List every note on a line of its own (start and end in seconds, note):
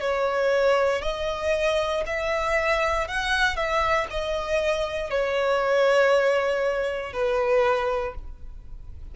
0.00 1.01 C#5
1.01 2.03 D#5
2.06 3.07 E5
3.07 3.56 F#5
3.56 4.07 E5
4.10 5.10 D#5
5.10 7.13 C#5
7.13 8.14 B4